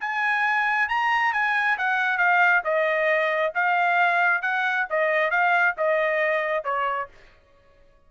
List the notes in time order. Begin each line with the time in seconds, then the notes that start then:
0.00 G#5
0.88 A#5
1.33 G#5
1.78 F#5
2.18 F5
2.64 D#5
3.54 F5
4.42 F#5
4.89 D#5
5.31 F5
5.77 D#5
6.64 C#5